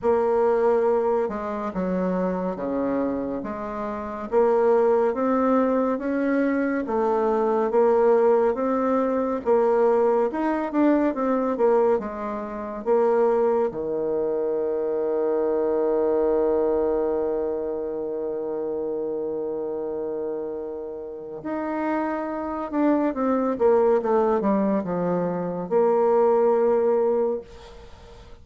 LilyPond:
\new Staff \with { instrumentName = "bassoon" } { \time 4/4 \tempo 4 = 70 ais4. gis8 fis4 cis4 | gis4 ais4 c'4 cis'4 | a4 ais4 c'4 ais4 | dis'8 d'8 c'8 ais8 gis4 ais4 |
dis1~ | dis1~ | dis4 dis'4. d'8 c'8 ais8 | a8 g8 f4 ais2 | }